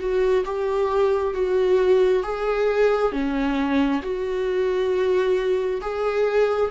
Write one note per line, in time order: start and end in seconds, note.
0.00 0.45 F#4
0.45 1.34 G4
1.34 2.23 F#4
2.23 3.13 G#4
3.13 4.02 C#4
4.03 5.82 F#4
5.82 6.71 G#4